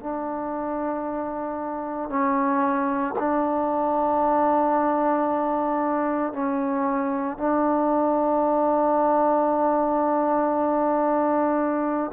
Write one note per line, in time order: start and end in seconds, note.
0.00 2.09 D4
2.09 3.14 C#4
3.19 6.33 D4
6.33 7.38 C#4
7.38 12.11 D4